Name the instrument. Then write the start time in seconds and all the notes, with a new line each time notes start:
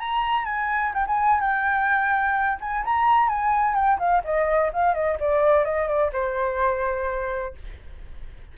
flute
0.00 A#5
0.46 G#5
0.94 G5
1.08 G#5
1.41 G5
2.61 G#5
2.85 A#5
3.29 G#5
3.75 G5
3.99 F5
4.25 D#5
4.74 F5
4.95 D#5
5.20 D5
5.65 D#5
5.88 D5
6.13 C5